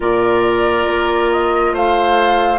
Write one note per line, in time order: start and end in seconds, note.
0.00 0.87 A#2
0.00 2.58 F4
0.00 1.73 A#4
0.00 1.31 D5
0.87 1.72 A#3
1.31 1.75 D#5
1.72 2.58 A3
1.72 2.58 C5
1.72 2.58 F5